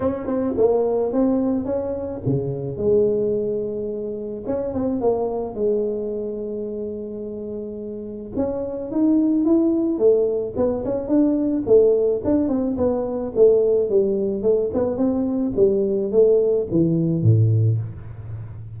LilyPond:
\new Staff \with { instrumentName = "tuba" } { \time 4/4 \tempo 4 = 108 cis'8 c'8 ais4 c'4 cis'4 | cis4 gis2. | cis'8 c'8 ais4 gis2~ | gis2. cis'4 |
dis'4 e'4 a4 b8 cis'8 | d'4 a4 d'8 c'8 b4 | a4 g4 a8 b8 c'4 | g4 a4 e4 a,4 | }